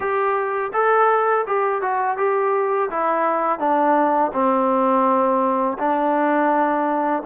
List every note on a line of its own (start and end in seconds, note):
0.00 0.71 G4
0.73 1.45 A4
1.47 1.81 G4
1.81 2.17 F#4
2.17 2.89 G4
2.90 3.59 E4
3.59 4.31 D4
4.33 5.77 C4
5.78 7.23 D4